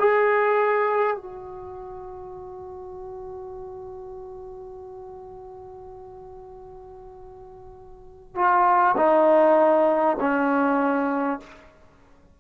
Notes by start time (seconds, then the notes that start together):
0.00 G#4
1.17 F#4
8.36 F4
8.97 D#4
10.20 C#4